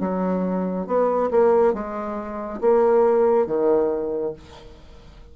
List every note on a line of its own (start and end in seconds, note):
0.00 0.87 F#3
0.87 1.30 B3
1.31 1.74 A#3
1.74 2.61 G#3
2.61 3.47 A#3
3.47 4.34 D#3